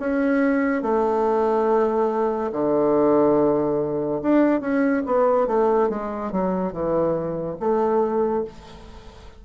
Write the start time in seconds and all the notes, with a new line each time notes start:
0.00 C#4
0.82 A3
2.52 D3
4.22 D4
4.61 C#4
5.06 B3
5.47 A3
5.90 G#3
6.31 F#3
6.73 E3
7.60 A3